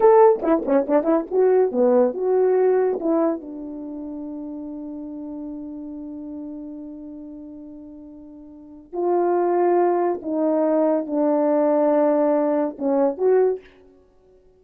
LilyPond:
\new Staff \with { instrumentName = "horn" } { \time 4/4 \tempo 4 = 141 a'4 e'8 cis'8 d'8 e'8 fis'4 | b4 fis'2 e'4 | d'1~ | d'1~ |
d'1~ | d'4 f'2. | dis'2 d'2~ | d'2 cis'4 fis'4 | }